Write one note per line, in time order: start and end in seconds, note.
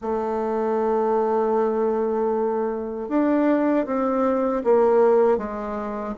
0.01 3.08 A3
3.08 3.85 D4
3.85 4.62 C4
4.64 5.37 A#3
5.37 6.14 G#3